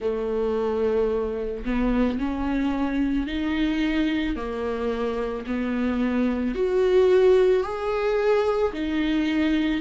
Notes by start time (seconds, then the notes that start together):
0.00 A3
1.65 B3
2.18 C#4
3.26 D#4
4.36 A#3
5.46 B3
6.55 F#4
7.63 G#4
8.73 D#4